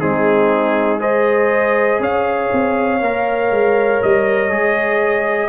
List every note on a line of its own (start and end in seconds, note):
0.00 2.00 G#3
0.00 1.00 C4
0.00 1.01 D#4
0.00 1.01 G#4
1.00 3.00 G#4
1.00 2.01 C5
1.00 2.02 D#5
2.00 2.50 C#4
2.00 5.50 C#5
2.00 4.03 F5
2.53 3.01 C4
3.01 3.51 A#3
3.01 4.50 A#4
3.51 4.01 G#3
4.03 4.50 G3
4.03 5.50 D#5
4.50 5.50 G#3
4.50 5.50 G#4